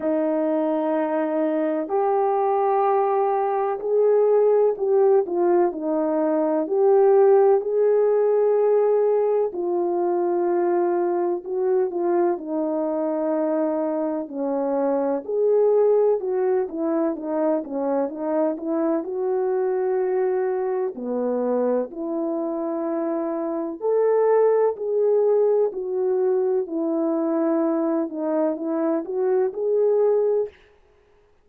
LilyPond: \new Staff \with { instrumentName = "horn" } { \time 4/4 \tempo 4 = 63 dis'2 g'2 | gis'4 g'8 f'8 dis'4 g'4 | gis'2 f'2 | fis'8 f'8 dis'2 cis'4 |
gis'4 fis'8 e'8 dis'8 cis'8 dis'8 e'8 | fis'2 b4 e'4~ | e'4 a'4 gis'4 fis'4 | e'4. dis'8 e'8 fis'8 gis'4 | }